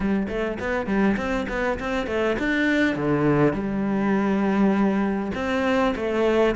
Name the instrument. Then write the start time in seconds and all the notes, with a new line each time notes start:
cello
0.00 G3
0.28 A3
0.59 B3
0.86 G3
1.16 C4
1.49 B3
1.79 C4
2.07 A3
2.38 D4
2.95 D3
3.53 G3
5.35 C4
5.95 A3